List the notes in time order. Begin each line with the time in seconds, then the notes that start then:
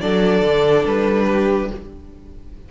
0.00 F#3 D4 A4 D5
0.42 D3
0.86 G3 B4
1.26 G4